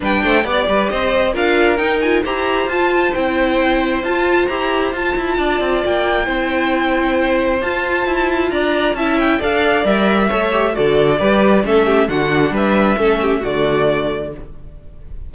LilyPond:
<<
  \new Staff \with { instrumentName = "violin" } { \time 4/4 \tempo 4 = 134 g''4 d''4 dis''4 f''4 | g''8 gis''8 ais''4 a''4 g''4~ | g''4 a''4 ais''4 a''4~ | a''4 g''2.~ |
g''4 a''2 ais''4 | a''8 g''8 f''4 e''2 | d''2 e''4 fis''4 | e''2 d''2 | }
  \new Staff \with { instrumentName = "violin" } { \time 4/4 b'8 c''8 d''8 b'8 c''4 ais'4~ | ais'4 c''2.~ | c''1 | d''2 c''2~ |
c''2. d''4 | e''4 d''2 cis''4 | a'4 b'4 a'8 g'8 fis'4 | b'4 a'8 g'8 fis'2 | }
  \new Staff \with { instrumentName = "viola" } { \time 4/4 d'4 g'2 f'4 | dis'8 f'8 g'4 f'4 e'4~ | e'4 f'4 g'4 f'4~ | f'2 e'2~ |
e'4 f'2. | e'4 a'4 ais'4 a'8 g'8 | fis'4 g'4 cis'4 d'4~ | d'4 cis'4 a2 | }
  \new Staff \with { instrumentName = "cello" } { \time 4/4 g8 a8 b8 g8 c'4 d'4 | dis'4 e'4 f'4 c'4~ | c'4 f'4 e'4 f'8 e'8 | d'8 c'8 ais4 c'2~ |
c'4 f'4 e'4 d'4 | cis'4 d'4 g4 a4 | d4 g4 a4 d4 | g4 a4 d2 | }
>>